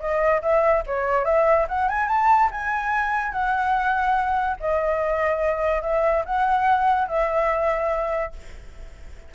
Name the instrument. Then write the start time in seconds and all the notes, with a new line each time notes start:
flute
0.00 D#5
0.42 E5
0.87 C#5
1.25 E5
1.69 F#5
1.89 G#5
2.09 A5
2.51 G#5
3.32 F#5
4.60 D#5
5.82 E5
6.25 F#5
7.08 E5